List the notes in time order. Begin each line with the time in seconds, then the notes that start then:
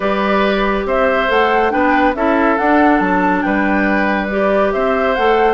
0.00 G3 G4 B4 D5
0.85 C4 C5 E5
1.28 A3 A4 F#5
1.70 B3 D4 B4 G5
2.15 C#4 E4 A4 E5
2.57 D4 F#5
2.99 F#3 A5
3.41 G3 B4 G5
4.28 G4 D5
4.72 C4 C5 E5
5.15 A3 A4 F#5